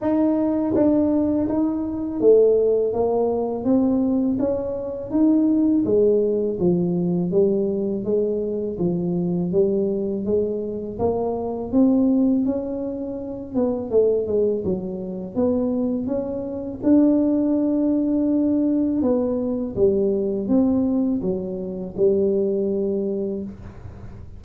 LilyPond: \new Staff \with { instrumentName = "tuba" } { \time 4/4 \tempo 4 = 82 dis'4 d'4 dis'4 a4 | ais4 c'4 cis'4 dis'4 | gis4 f4 g4 gis4 | f4 g4 gis4 ais4 |
c'4 cis'4. b8 a8 gis8 | fis4 b4 cis'4 d'4~ | d'2 b4 g4 | c'4 fis4 g2 | }